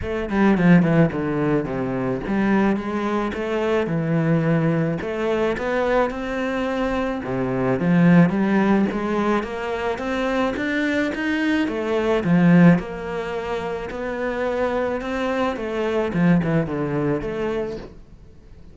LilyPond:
\new Staff \with { instrumentName = "cello" } { \time 4/4 \tempo 4 = 108 a8 g8 f8 e8 d4 c4 | g4 gis4 a4 e4~ | e4 a4 b4 c'4~ | c'4 c4 f4 g4 |
gis4 ais4 c'4 d'4 | dis'4 a4 f4 ais4~ | ais4 b2 c'4 | a4 f8 e8 d4 a4 | }